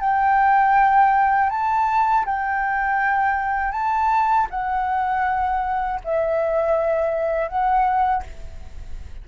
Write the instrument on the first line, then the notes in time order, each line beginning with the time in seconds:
flute
0.00 G5
1.50 A5
2.25 G5
3.72 A5
4.50 F#5
6.04 E5
7.48 F#5